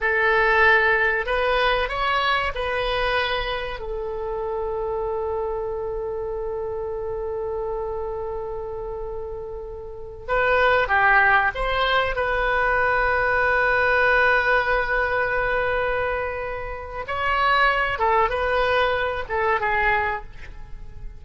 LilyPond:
\new Staff \with { instrumentName = "oboe" } { \time 4/4 \tempo 4 = 95 a'2 b'4 cis''4 | b'2 a'2~ | a'1~ | a'1~ |
a'16 b'4 g'4 c''4 b'8.~ | b'1~ | b'2. cis''4~ | cis''8 a'8 b'4. a'8 gis'4 | }